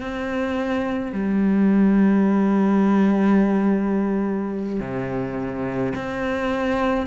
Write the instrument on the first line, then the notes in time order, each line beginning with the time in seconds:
cello
0.00 C4
1.12 G3
4.80 C3
5.94 C4